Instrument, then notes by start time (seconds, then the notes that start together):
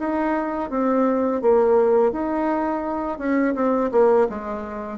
bassoon
0.00 D#4
0.70 C4
1.42 A#3
2.13 D#4
3.19 C#4
3.56 C4
3.92 A#3
4.30 G#3